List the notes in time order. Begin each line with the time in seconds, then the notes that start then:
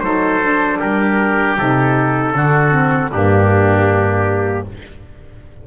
0.00 F#3 D#4 A4 C5
0.41 D4
0.78 G3 G4 A#4
1.58 C3 D#4 A4
2.34 D3 D4 F#4
2.72 C4
3.10 G2 A#3 D4 G4